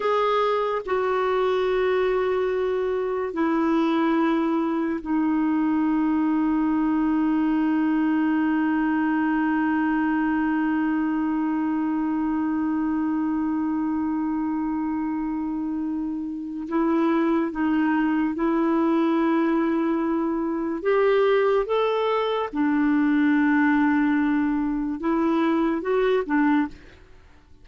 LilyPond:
\new Staff \with { instrumentName = "clarinet" } { \time 4/4 \tempo 4 = 72 gis'4 fis'2. | e'2 dis'2~ | dis'1~ | dis'1~ |
dis'1 | e'4 dis'4 e'2~ | e'4 g'4 a'4 d'4~ | d'2 e'4 fis'8 d'8 | }